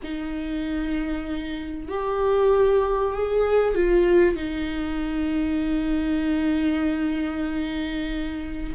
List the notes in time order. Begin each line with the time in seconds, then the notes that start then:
0.03 D#4
1.88 G4
3.13 G#4
3.74 F4
4.36 D#4